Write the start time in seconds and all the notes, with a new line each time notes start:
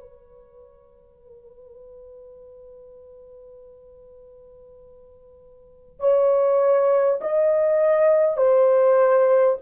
0.00 B4
5.99 C#5
7.21 D#5
8.37 C5